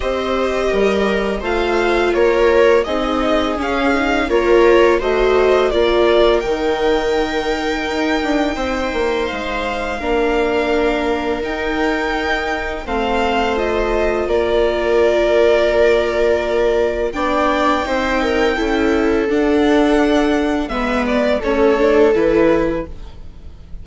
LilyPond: <<
  \new Staff \with { instrumentName = "violin" } { \time 4/4 \tempo 4 = 84 dis''2 f''4 cis''4 | dis''4 f''4 cis''4 dis''4 | d''4 g''2.~ | g''4 f''2. |
g''2 f''4 dis''4 | d''1 | g''2. fis''4~ | fis''4 e''8 d''8 cis''4 b'4 | }
  \new Staff \with { instrumentName = "viola" } { \time 4/4 c''4 ais'4 c''4 ais'4 | gis'2 ais'4 c''4 | ais'1 | c''2 ais'2~ |
ais'2 c''2 | ais'1 | d''4 c''8 ais'8 a'2~ | a'4 b'4 a'2 | }
  \new Staff \with { instrumentName = "viola" } { \time 4/4 g'2 f'2 | dis'4 cis'8 dis'8 f'4 fis'4 | f'4 dis'2.~ | dis'2 d'2 |
dis'2 c'4 f'4~ | f'1 | d'4 dis'4 e'4 d'4~ | d'4 b4 cis'8 d'8 e'4 | }
  \new Staff \with { instrumentName = "bassoon" } { \time 4/4 c'4 g4 a4 ais4 | c'4 cis'4 ais4 a4 | ais4 dis2 dis'8 d'8 | c'8 ais8 gis4 ais2 |
dis'2 a2 | ais1 | b4 c'4 cis'4 d'4~ | d'4 gis4 a4 e4 | }
>>